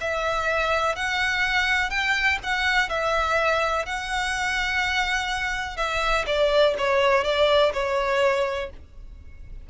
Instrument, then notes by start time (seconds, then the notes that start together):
violin
0.00 E5
0.95 F#5
1.90 G5
2.43 F#5
2.89 E5
3.85 F#5
5.76 E5
6.26 D5
6.78 C#5
7.24 D5
7.73 C#5